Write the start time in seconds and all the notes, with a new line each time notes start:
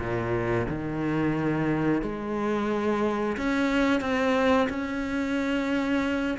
0.00 A#2
0.69 D#3
2.03 G#3
3.38 C#4
4.01 C4
4.70 C#4